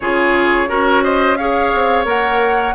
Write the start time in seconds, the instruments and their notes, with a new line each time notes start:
0.00 bassoon C#3, clarinet F4, oboe G#4, flute C#5
0.67 bassoon C#4, clarinet F#4, oboe A#4
1.03 oboe C5, flute D#5
1.36 clarinet G#4, oboe C#5, flute F5
1.74 bassoon C4
2.05 bassoon A#3, clarinet A#4, flute F#5